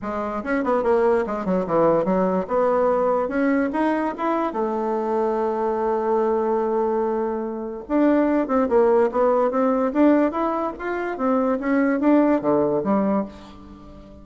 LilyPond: \new Staff \with { instrumentName = "bassoon" } { \time 4/4 \tempo 4 = 145 gis4 cis'8 b8 ais4 gis8 fis8 | e4 fis4 b2 | cis'4 dis'4 e'4 a4~ | a1~ |
a2. d'4~ | d'8 c'8 ais4 b4 c'4 | d'4 e'4 f'4 c'4 | cis'4 d'4 d4 g4 | }